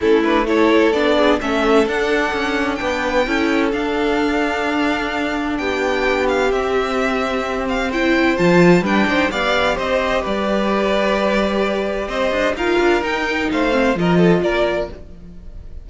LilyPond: <<
  \new Staff \with { instrumentName = "violin" } { \time 4/4 \tempo 4 = 129 a'8 b'8 cis''4 d''4 e''4 | fis''2 g''2 | f''1 | g''4. f''8 e''2~ |
e''8 f''8 g''4 a''4 g''4 | f''4 dis''4 d''2~ | d''2 dis''4 f''4 | g''4 f''4 dis''4 d''4 | }
  \new Staff \with { instrumentName = "violin" } { \time 4/4 e'4 a'4. gis'8 a'4~ | a'2 b'4 a'4~ | a'1 | g'1~ |
g'4 c''2 b'8 c''8 | d''4 c''4 b'2~ | b'2 c''4 ais'4~ | ais'4 c''4 ais'8 a'8 ais'4 | }
  \new Staff \with { instrumentName = "viola" } { \time 4/4 cis'8 d'8 e'4 d'4 cis'4 | d'2. e'4 | d'1~ | d'2 c'2~ |
c'4 e'4 f'4 d'4 | g'1~ | g'2. f'4 | dis'4. c'8 f'2 | }
  \new Staff \with { instrumentName = "cello" } { \time 4/4 a2 b4 a4 | d'4 cis'4 b4 cis'4 | d'1 | b2 c'2~ |
c'2 f4 g8 dis'8 | b4 c'4 g2~ | g2 c'8 d'8 dis'8 d'8 | dis'4 a4 f4 ais4 | }
>>